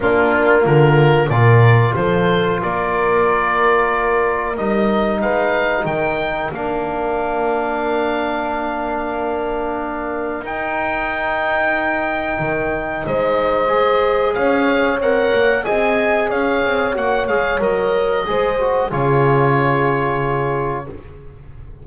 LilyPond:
<<
  \new Staff \with { instrumentName = "oboe" } { \time 4/4 \tempo 4 = 92 f'4 ais'4 d''4 c''4 | d''2. dis''4 | f''4 g''4 f''2~ | f''1 |
g''1 | dis''2 f''4 fis''4 | gis''4 f''4 fis''8 f''8 dis''4~ | dis''4 cis''2. | }
  \new Staff \with { instrumentName = "horn" } { \time 4/4 d'4 f'4 ais'4 a'4 | ais'1 | b'4 ais'2.~ | ais'1~ |
ais'1 | c''2 cis''2 | dis''4 cis''2. | c''4 gis'2. | }
  \new Staff \with { instrumentName = "trombone" } { \time 4/4 ais2 f'2~ | f'2. dis'4~ | dis'2 d'2~ | d'1 |
dis'1~ | dis'4 gis'2 ais'4 | gis'2 fis'8 gis'8 ais'4 | gis'8 fis'8 f'2. | }
  \new Staff \with { instrumentName = "double bass" } { \time 4/4 ais4 d4 ais,4 f4 | ais2. g4 | gis4 dis4 ais2~ | ais1 |
dis'2. dis4 | gis2 cis'4 c'8 ais8 | c'4 cis'8 c'8 ais8 gis8 fis4 | gis4 cis2. | }
>>